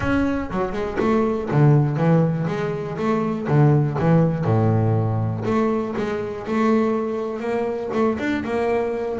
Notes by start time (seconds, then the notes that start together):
0.00 C#4
0.50 F#3
0.72 G#3
0.99 A3
1.50 D3
1.97 E3
2.47 G#3
2.97 A3
3.47 D3
3.98 E3
4.44 A2
5.45 A3
5.96 G#3
6.47 A3
7.40 A#3
7.93 A3
8.18 D4
8.44 A#3